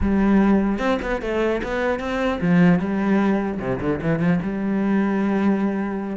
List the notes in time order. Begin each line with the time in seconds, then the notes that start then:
0.00 G3
0.78 C4
1.02 B3
1.21 A3
1.63 B3
1.99 C4
2.41 F3
2.79 G3
3.59 C3
3.80 D3
4.01 E3
4.19 F3
4.42 G3